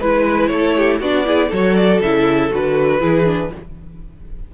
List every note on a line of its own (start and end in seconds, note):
0.00 0.50 G#3
0.00 1.03 E4
0.00 0.50 B4
0.00 0.48 B4
0.48 1.00 A3
0.48 0.77 A4
0.48 0.98 C#5
0.77 1.01 G4
1.00 1.50 B3
1.00 1.25 D4
1.00 1.26 F#4
1.00 1.52 D5
1.25 1.50 E4
1.25 1.48 G#4
1.48 2.01 F#3
1.48 2.03 F#4
1.48 2.98 A4
1.48 1.75 C#5
1.75 2.00 D5
2.01 2.51 C#3
2.01 2.50 E4
2.01 2.52 E5
2.50 3.01 D3
2.50 3.00 F#4
2.50 3.54 B4
3.01 3.51 E3
3.01 3.26 E4
3.01 3.51 G#4
3.26 3.51 D4